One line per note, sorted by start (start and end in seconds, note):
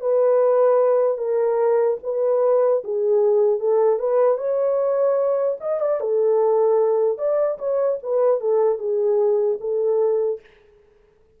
0.00 1.17 B4
1.17 1.97 A#4
2.03 2.83 B4
2.84 3.59 G#4
3.59 3.99 A4
3.99 4.37 B4
4.37 5.57 C#5
5.60 5.80 D#5
5.80 6.00 D5
6.00 7.18 A4
7.18 7.58 D5
7.58 7.98 C#5
8.02 8.40 B4
8.40 8.78 A4
8.78 9.58 G#4
9.60 10.40 A4